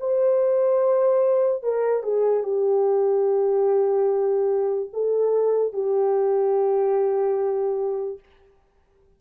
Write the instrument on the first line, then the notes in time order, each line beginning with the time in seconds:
horn
0.00 C5
1.63 A#4
2.03 G#4
2.44 G4
4.93 A4
5.73 G4